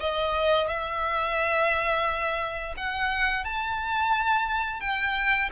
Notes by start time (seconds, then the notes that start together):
0.00 D#5
0.67 E5
2.76 F#5
3.45 A5
4.81 G5